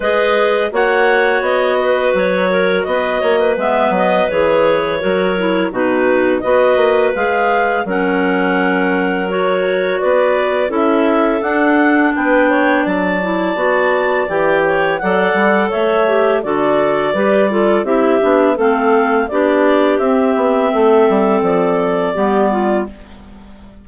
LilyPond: <<
  \new Staff \with { instrumentName = "clarinet" } { \time 4/4 \tempo 4 = 84 dis''4 fis''4 dis''4 cis''4 | dis''4 e''8 dis''8 cis''2 | b'4 dis''4 f''4 fis''4~ | fis''4 cis''4 d''4 e''4 |
fis''4 g''4 a''2 | g''4 fis''4 e''4 d''4~ | d''4 e''4 f''4 d''4 | e''2 d''2 | }
  \new Staff \with { instrumentName = "clarinet" } { \time 4/4 b'4 cis''4. b'4 ais'8 | b'8 cis''16 b'2~ b'16 ais'4 | fis'4 b'2 ais'4~ | ais'2 b'4 a'4~ |
a'4 b'8 cis''8 d''2~ | d''8 cis''8 d''4 cis''4 a'4 | b'8 a'8 g'4 a'4 g'4~ | g'4 a'2 g'8 f'8 | }
  \new Staff \with { instrumentName = "clarinet" } { \time 4/4 gis'4 fis'2.~ | fis'4 b4 gis'4 fis'8 e'8 | dis'4 fis'4 gis'4 cis'4~ | cis'4 fis'2 e'4 |
d'2~ d'8 e'8 fis'4 | g'4 a'4. g'8 fis'4 | g'8 f'8 e'8 d'8 c'4 d'4 | c'2. b4 | }
  \new Staff \with { instrumentName = "bassoon" } { \time 4/4 gis4 ais4 b4 fis4 | b8 ais8 gis8 fis8 e4 fis4 | b,4 b8 ais8 gis4 fis4~ | fis2 b4 cis'4 |
d'4 b4 fis4 b4 | e4 fis8 g8 a4 d4 | g4 c'8 b8 a4 b4 | c'8 b8 a8 g8 f4 g4 | }
>>